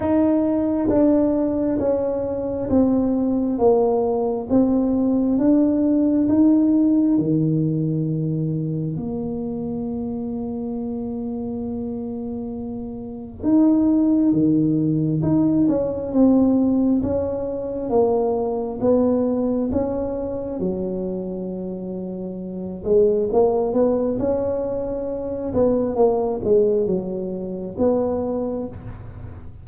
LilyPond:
\new Staff \with { instrumentName = "tuba" } { \time 4/4 \tempo 4 = 67 dis'4 d'4 cis'4 c'4 | ais4 c'4 d'4 dis'4 | dis2 ais2~ | ais2. dis'4 |
dis4 dis'8 cis'8 c'4 cis'4 | ais4 b4 cis'4 fis4~ | fis4. gis8 ais8 b8 cis'4~ | cis'8 b8 ais8 gis8 fis4 b4 | }